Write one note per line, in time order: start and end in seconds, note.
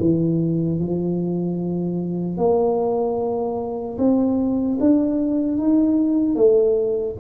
0.00 0.80 E3
0.80 2.37 F3
2.37 3.97 A#3
3.98 4.78 C4
4.80 5.58 D4
5.58 6.36 D#4
6.36 7.16 A3